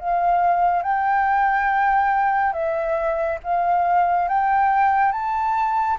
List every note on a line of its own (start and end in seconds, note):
0.00 0.83 F5
0.83 2.53 G5
2.53 3.39 E5
3.44 4.29 F5
4.29 5.13 G5
5.13 5.98 A5